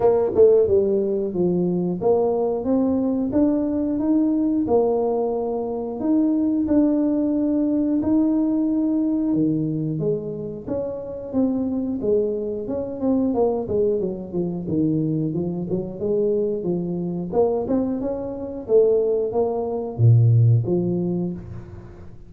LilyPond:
\new Staff \with { instrumentName = "tuba" } { \time 4/4 \tempo 4 = 90 ais8 a8 g4 f4 ais4 | c'4 d'4 dis'4 ais4~ | ais4 dis'4 d'2 | dis'2 dis4 gis4 |
cis'4 c'4 gis4 cis'8 c'8 | ais8 gis8 fis8 f8 dis4 f8 fis8 | gis4 f4 ais8 c'8 cis'4 | a4 ais4 ais,4 f4 | }